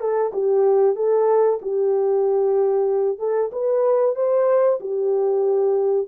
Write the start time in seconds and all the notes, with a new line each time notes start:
0.00 A4
0.33 G4
0.96 A4
1.62 G4
3.19 A4
3.52 B4
4.15 C5
4.80 G4